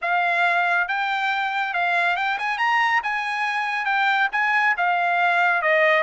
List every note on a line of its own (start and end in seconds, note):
0.01 0.88 F5
0.88 1.73 G5
1.73 2.16 F5
2.16 2.37 G5
2.38 2.58 G#5
2.58 3.01 A#5
3.03 3.85 G#5
3.85 4.28 G5
4.32 4.75 G#5
4.77 5.61 F5
5.61 6.03 D#5